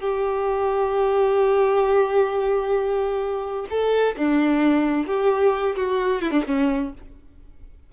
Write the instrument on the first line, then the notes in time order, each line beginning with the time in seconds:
violin
0.00 G4
3.70 A4
4.17 D4
5.07 G4
5.76 F#4
6.22 E4
6.31 D4
6.47 C#4